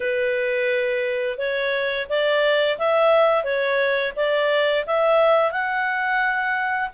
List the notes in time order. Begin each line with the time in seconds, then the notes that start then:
0.00 B4
1.38 C#5
2.09 D5
2.78 E5
3.44 C#5
4.15 D5
4.86 E5
5.51 F#5